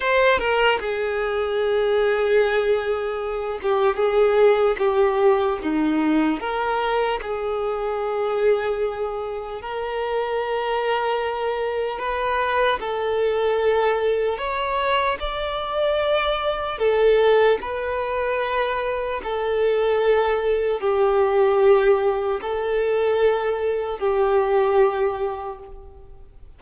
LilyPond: \new Staff \with { instrumentName = "violin" } { \time 4/4 \tempo 4 = 75 c''8 ais'8 gis'2.~ | gis'8 g'8 gis'4 g'4 dis'4 | ais'4 gis'2. | ais'2. b'4 |
a'2 cis''4 d''4~ | d''4 a'4 b'2 | a'2 g'2 | a'2 g'2 | }